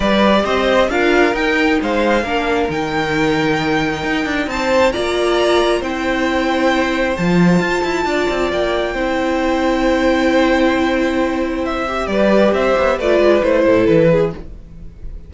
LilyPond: <<
  \new Staff \with { instrumentName = "violin" } { \time 4/4 \tempo 4 = 134 d''4 dis''4 f''4 g''4 | f''2 g''2~ | g''2 a''4 ais''4~ | ais''4 g''2. |
a''2. g''4~ | g''1~ | g''2 e''4 d''4 | e''4 d''4 c''4 b'4 | }
  \new Staff \with { instrumentName = "violin" } { \time 4/4 b'4 c''4 ais'2 | c''4 ais'2.~ | ais'2 c''4 d''4~ | d''4 c''2.~ |
c''2 d''2 | c''1~ | c''2. b'4 | c''4 b'4. a'4 gis'8 | }
  \new Staff \with { instrumentName = "viola" } { \time 4/4 g'2 f'4 dis'4~ | dis'4 d'4 dis'2~ | dis'2. f'4~ | f'4 e'2. |
f'1 | e'1~ | e'2~ e'8 g'4.~ | g'4 f'4 e'2 | }
  \new Staff \with { instrumentName = "cello" } { \time 4/4 g4 c'4 d'4 dis'4 | gis4 ais4 dis2~ | dis4 dis'8 d'8 c'4 ais4~ | ais4 c'2. |
f4 f'8 e'8 d'8 c'8 ais4 | c'1~ | c'2. g4 | c'8 b8 a8 gis8 a8 a,8 e4 | }
>>